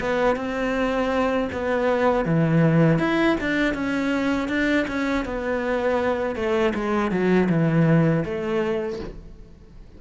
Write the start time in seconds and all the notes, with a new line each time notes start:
0.00 B3
0.36 C4
1.52 B3
2.25 E3
2.99 E4
3.41 D4
3.74 C#4
4.48 D4
4.88 C#4
5.25 B3
6.35 A3
6.74 G#3
7.11 F#3
7.49 E3
8.25 A3